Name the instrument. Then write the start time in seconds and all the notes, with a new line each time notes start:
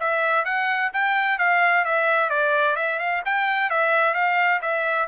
trumpet
0.00 E5
0.45 F#5
0.93 G5
1.38 F5
1.85 E5
2.30 D5
2.76 E5
2.99 F5
3.25 G5
3.70 E5
4.14 F5
4.62 E5